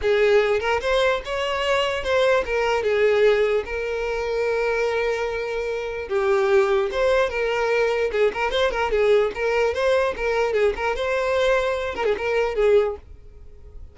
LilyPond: \new Staff \with { instrumentName = "violin" } { \time 4/4 \tempo 4 = 148 gis'4. ais'8 c''4 cis''4~ | cis''4 c''4 ais'4 gis'4~ | gis'4 ais'2.~ | ais'2. g'4~ |
g'4 c''4 ais'2 | gis'8 ais'8 c''8 ais'8 gis'4 ais'4 | c''4 ais'4 gis'8 ais'8 c''4~ | c''4. ais'16 gis'16 ais'4 gis'4 | }